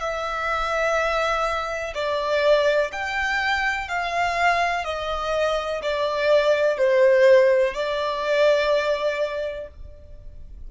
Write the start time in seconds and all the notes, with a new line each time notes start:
0.00 E5
1.94 D5
2.92 G5
3.88 F5
4.84 D#5
5.82 D5
6.77 C5
7.74 D5